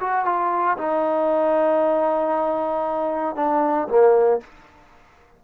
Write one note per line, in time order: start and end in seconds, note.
0.00 0.25 F#4
0.25 0.77 F4
0.78 3.36 D#4
3.36 3.88 D4
3.88 4.40 A#3